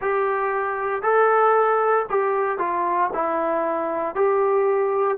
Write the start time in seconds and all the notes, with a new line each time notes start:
0.01 G4
1.02 A4
2.10 G4
2.58 F4
3.13 E4
4.15 G4